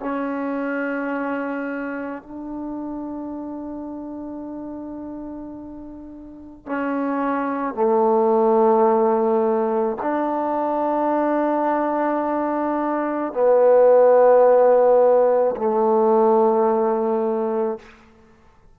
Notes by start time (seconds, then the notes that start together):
0.00 C#4
2.22 D4
6.66 C#4
7.74 A3
10.02 D4
13.33 B3
15.56 A3